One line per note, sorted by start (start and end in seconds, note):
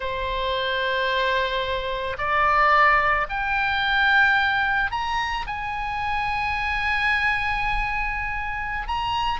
0.00 2.16 C5
2.18 3.27 D5
3.29 4.91 G5
4.91 5.45 A#5
5.46 8.87 G#5
8.87 9.40 A#5